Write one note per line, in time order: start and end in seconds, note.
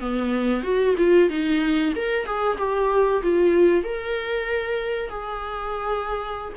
0.00 0.63 B3
0.63 0.95 F#4
0.97 1.29 F4
1.29 1.93 D#4
1.95 2.25 A#4
2.25 2.57 G#4
2.58 3.21 G4
3.22 3.83 F4
3.83 5.09 A#4
5.09 6.53 G#4